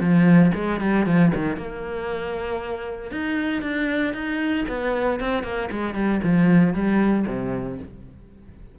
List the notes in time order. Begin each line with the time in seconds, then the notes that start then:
0.00 F3
0.55 G#3
0.81 G3
1.06 F3
1.35 D#3
1.57 A#3
3.12 D#4
3.62 D4
4.14 D#4
4.69 B3
5.20 C4
5.43 A#3
5.71 G#3
5.95 G3
6.24 F3
6.74 G3
7.27 C3